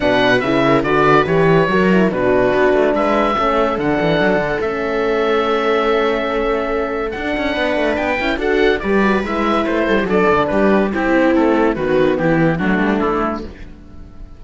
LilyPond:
<<
  \new Staff \with { instrumentName = "oboe" } { \time 4/4 \tempo 4 = 143 fis''4 e''4 d''4 cis''4~ | cis''4 b'2 e''4~ | e''4 fis''2 e''4~ | e''1~ |
e''4 fis''2 g''4 | fis''4 d''4 e''4 c''4 | d''4 b'4 g'4 a'4 | b'4 g'4 fis'4 e'4 | }
  \new Staff \with { instrumentName = "viola" } { \time 4/4 b'4. ais'8 b'2 | ais'4 fis'2 b'4 | a'1~ | a'1~ |
a'2 b'2 | a'4 b'2~ b'8 a'16 g'16 | a'4 g'4 e'2 | fis'4 e'4 d'2 | }
  \new Staff \with { instrumentName = "horn" } { \time 4/4 d'4 e'4 fis'4 g'4 | fis'8 e'8 d'2. | cis'4 d'2 cis'4~ | cis'1~ |
cis'4 d'2~ d'8 e'8 | fis'4 g'8 fis'8 e'2 | d'2 c'2 | b2 a2 | }
  \new Staff \with { instrumentName = "cello" } { \time 4/4 b,4 cis4 d4 e4 | fis4 b,4 b8 a8 gis4 | a4 d8 e8 fis8 d8 a4~ | a1~ |
a4 d'8 cis'8 b8 a8 b8 cis'8 | d'4 g4 gis4 a8 g8 | fis8 d8 g4 c'4 a4 | dis4 e4 fis8 g8 a4 | }
>>